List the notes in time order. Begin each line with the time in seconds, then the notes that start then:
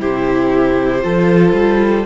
0.00 C3 E4 G4 C5
1.02 F3 F4 A4
1.53 G3